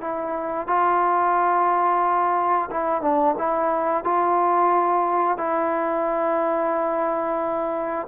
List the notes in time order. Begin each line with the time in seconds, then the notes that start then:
0.00 E4
0.67 F4
2.70 E4
3.01 D4
3.38 E4
4.04 F4
5.37 E4